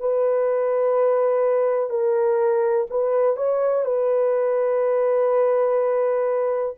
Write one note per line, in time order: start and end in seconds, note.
0.00 1.90 B4
1.90 2.87 A#4
2.90 3.37 B4
3.37 3.85 C#5
3.85 6.76 B4